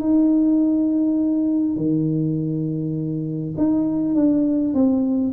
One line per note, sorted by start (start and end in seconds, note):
0.00 1.77 D#4
1.77 3.55 D#3
3.58 4.15 D#4
4.15 4.74 D4
4.74 5.34 C4